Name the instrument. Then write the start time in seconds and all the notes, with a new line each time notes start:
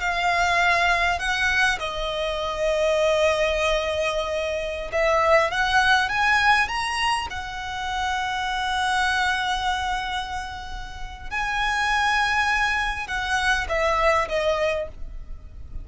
violin
0.00 F5
1.19 F#5
1.79 D#5
4.92 E5
5.51 F#5
6.09 G#5
6.68 A#5
7.30 F#5
11.30 G#5
13.07 F#5
13.68 E5
14.28 D#5